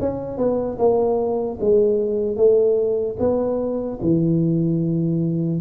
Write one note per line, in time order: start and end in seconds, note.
0.00 0.38 C#4
0.38 0.78 B3
0.79 1.59 A#3
1.61 2.37 G#3
2.37 3.17 A3
3.19 3.99 B3
4.01 5.61 E3